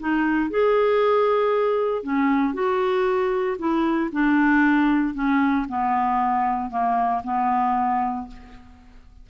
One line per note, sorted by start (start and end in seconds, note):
0.00 0.50 D#4
0.50 2.04 G#4
2.04 2.54 C#4
2.54 3.57 F#4
3.59 4.11 E4
4.12 5.15 D4
5.15 5.66 C#4
5.69 6.70 B3
6.70 7.22 A#3
7.24 8.28 B3